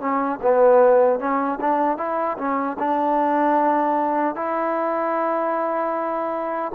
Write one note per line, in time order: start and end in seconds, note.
0.00 0.39 C#4
0.42 1.19 B3
1.19 1.59 C#4
1.60 1.97 D4
1.97 2.37 E4
2.38 2.77 C#4
2.79 4.35 D4
4.35 6.72 E4